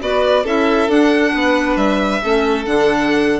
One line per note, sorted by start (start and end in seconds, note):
0.00 0.45 B3
0.00 0.44 F#4
0.00 0.44 B4
0.00 0.46 D5
0.44 0.88 C#4
0.44 0.88 E4
0.44 1.32 A4
0.44 0.90 E5
0.88 1.32 D4
0.88 2.21 D4
0.88 1.77 F#5
1.33 1.76 B3
1.33 2.21 B4
1.76 2.20 G3
1.76 2.65 E5
2.22 2.66 A3
2.22 2.65 C#4
2.22 3.40 A4
2.65 3.40 D3
2.65 3.40 D4
2.65 3.40 F#5